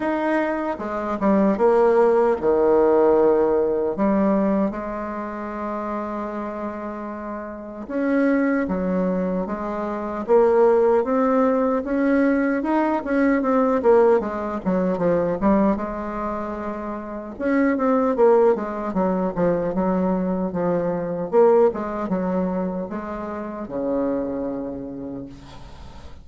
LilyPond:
\new Staff \with { instrumentName = "bassoon" } { \time 4/4 \tempo 4 = 76 dis'4 gis8 g8 ais4 dis4~ | dis4 g4 gis2~ | gis2 cis'4 fis4 | gis4 ais4 c'4 cis'4 |
dis'8 cis'8 c'8 ais8 gis8 fis8 f8 g8 | gis2 cis'8 c'8 ais8 gis8 | fis8 f8 fis4 f4 ais8 gis8 | fis4 gis4 cis2 | }